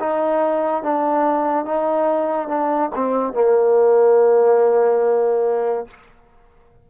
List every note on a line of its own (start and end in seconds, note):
0.00 0.83 D#4
0.83 1.66 D4
1.66 2.49 D#4
2.49 2.91 D4
2.95 3.34 C4
3.34 5.87 A#3